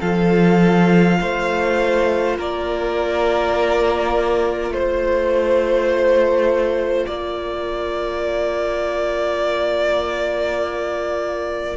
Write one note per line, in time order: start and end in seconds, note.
0.00 1.19 F3
0.00 11.77 F4
0.00 1.18 A4
0.00 2.36 F5
1.20 2.38 A3
1.20 2.38 C5
2.38 4.70 A#3
2.38 4.73 A#4
2.38 4.72 D5
4.70 7.05 A3
4.70 7.06 C5
4.70 7.09 C5
7.06 11.77 A#3
7.06 11.77 A#4
7.06 11.77 D5